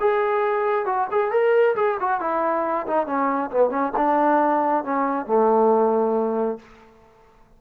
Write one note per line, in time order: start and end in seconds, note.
0.00 0.86 G#4
0.86 1.08 F#4
1.11 1.31 G#4
1.31 1.75 A#4
1.76 1.98 G#4
2.00 2.20 F#4
2.20 2.86 E4
2.87 3.06 D#4
3.06 3.50 C#4
3.51 3.70 B3
3.70 3.92 C#4
3.97 4.84 D4
4.84 5.27 C#4
5.27 6.59 A3